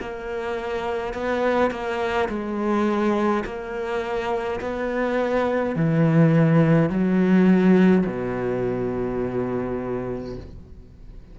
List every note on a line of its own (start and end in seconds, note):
0.00 1.13 A#3
1.13 1.70 B3
1.70 2.28 A#3
2.29 3.44 G#3
3.44 4.59 A#3
4.60 5.75 B3
5.75 6.89 E3
6.89 8.05 F#3
8.06 10.36 B2